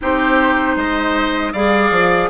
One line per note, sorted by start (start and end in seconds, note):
0.01 0.76 C4
0.01 1.54 D#4
0.01 0.76 G4
0.01 0.78 C5
0.76 1.53 G#3
0.76 1.52 C5
0.76 1.52 D#5
1.52 1.91 G3
1.52 2.29 G#4
1.52 2.29 D5
1.52 2.29 F5
1.91 2.29 F3